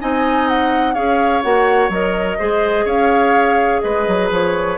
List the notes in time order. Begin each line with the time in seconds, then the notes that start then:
0.00 C4 D#4 D#5 G#5
0.48 F#5
0.94 C#4 G#4 C#5 F5
1.42 A#3 F#4 F#5
1.89 F#3 A#4 D#5
2.38 G#3 G#4 C5
2.84 C#4 C#5 F5
3.81 G#3 B4 D#5
4.07 F#3
4.30 F3 C#5